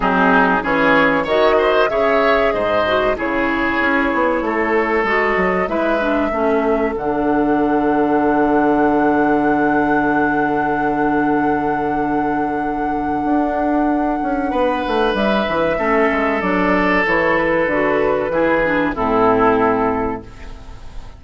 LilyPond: <<
  \new Staff \with { instrumentName = "flute" } { \time 4/4 \tempo 4 = 95 gis'4 cis''4 dis''4 e''4 | dis''4 cis''2. | dis''4 e''2 fis''4~ | fis''1~ |
fis''1~ | fis''1 | e''2 d''4 cis''8 b'8~ | b'2 a'2 | }
  \new Staff \with { instrumentName = "oboe" } { \time 4/4 dis'4 gis'4 cis''8 c''8 cis''4 | c''4 gis'2 a'4~ | a'4 b'4 a'2~ | a'1~ |
a'1~ | a'2. b'4~ | b'4 a'2.~ | a'4 gis'4 e'2 | }
  \new Staff \with { instrumentName = "clarinet" } { \time 4/4 c'4 cis'4 fis'4 gis'4~ | gis'8 fis'8 e'2. | fis'4 e'8 d'8 cis'4 d'4~ | d'1~ |
d'1~ | d'1~ | d'4 cis'4 d'4 e'4 | fis'4 e'8 d'8 c'2 | }
  \new Staff \with { instrumentName = "bassoon" } { \time 4/4 fis4 e4 dis4 cis4 | gis,4 cis4 cis'8 b8 a4 | gis8 fis8 gis4 a4 d4~ | d1~ |
d1~ | d4 d'4. cis'8 b8 a8 | g8 e8 a8 gis8 fis4 e4 | d4 e4 a,2 | }
>>